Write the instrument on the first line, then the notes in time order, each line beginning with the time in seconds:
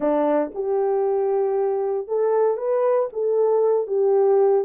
horn
0.00 D4
0.54 G4
2.07 A4
2.57 B4
3.12 A4
3.87 G4